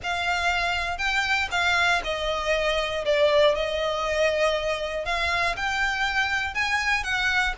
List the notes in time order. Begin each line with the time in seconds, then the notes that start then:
0.03 F5
0.98 G5
1.51 F5
2.04 D#5
3.05 D5
3.55 D#5
5.05 F5
5.56 G5
6.54 G#5
7.03 F#5